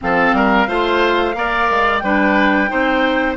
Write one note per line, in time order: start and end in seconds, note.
0.01 0.33 F3
0.01 0.67 C4
0.01 0.35 A4
0.01 1.99 F5
0.33 0.67 G3
0.33 0.67 A#4
0.67 1.35 A3
0.67 1.34 F4
0.67 1.35 C5
1.34 1.68 A#3
1.34 2.01 A#4
1.34 2.03 D5
1.70 2.02 G#3
1.99 2.70 G3
1.99 2.68 D4
1.99 2.70 B4
1.99 3.33 G5
2.68 3.36 C4
2.68 3.35 D#4
2.68 3.36 C5